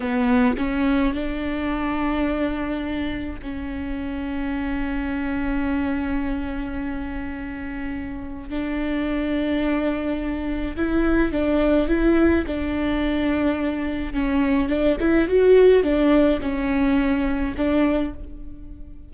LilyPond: \new Staff \with { instrumentName = "viola" } { \time 4/4 \tempo 4 = 106 b4 cis'4 d'2~ | d'2 cis'2~ | cis'1~ | cis'2. d'4~ |
d'2. e'4 | d'4 e'4 d'2~ | d'4 cis'4 d'8 e'8 fis'4 | d'4 cis'2 d'4 | }